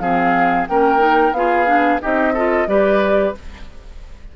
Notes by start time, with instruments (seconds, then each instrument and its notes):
0.00 bassoon F3, clarinet C4, oboe G#4, flute F5
0.68 bassoon A#3, clarinet C#4, oboe A#4, flute G5
0.99 clarinet D#4
1.32 bassoon B3, clarinet F4, oboe G#4, flute F5
1.67 clarinet D4
2.01 bassoon C4, clarinet D#4, oboe G4, flute D#5
2.34 clarinet F4, oboe A4
2.67 bassoon G3, clarinet G4, oboe B4, flute D5